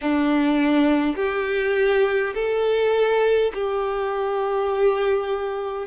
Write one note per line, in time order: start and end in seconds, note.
0.01 1.16 D4
1.16 2.33 G4
2.34 3.51 A4
3.53 5.86 G4